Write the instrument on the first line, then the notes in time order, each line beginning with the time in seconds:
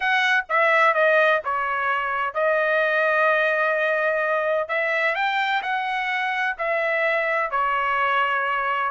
trumpet
0.00 F#5
0.49 E5
0.94 D#5
1.44 C#5
2.34 D#5
4.68 E5
5.15 G5
5.62 F#5
6.58 E5
7.51 C#5